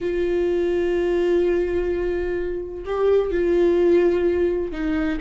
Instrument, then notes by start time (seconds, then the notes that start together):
viola
0.00 F4
2.84 G4
3.31 F4
4.72 D#4